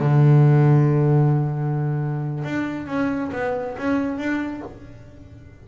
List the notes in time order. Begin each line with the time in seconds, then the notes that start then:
0.00 D3
2.45 D4
2.87 C#4
3.33 B3
3.78 C#4
4.19 D4